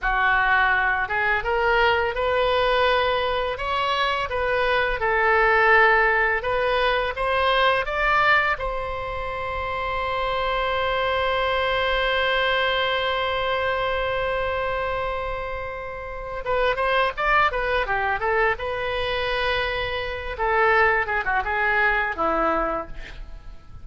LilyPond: \new Staff \with { instrumentName = "oboe" } { \time 4/4 \tempo 4 = 84 fis'4. gis'8 ais'4 b'4~ | b'4 cis''4 b'4 a'4~ | a'4 b'4 c''4 d''4 | c''1~ |
c''1~ | c''2. b'8 c''8 | d''8 b'8 g'8 a'8 b'2~ | b'8 a'4 gis'16 fis'16 gis'4 e'4 | }